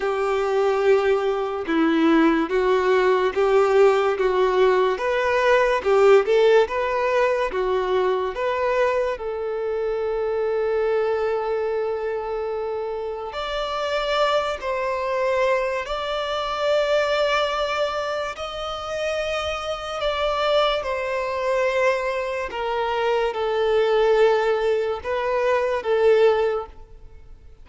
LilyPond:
\new Staff \with { instrumentName = "violin" } { \time 4/4 \tempo 4 = 72 g'2 e'4 fis'4 | g'4 fis'4 b'4 g'8 a'8 | b'4 fis'4 b'4 a'4~ | a'1 |
d''4. c''4. d''4~ | d''2 dis''2 | d''4 c''2 ais'4 | a'2 b'4 a'4 | }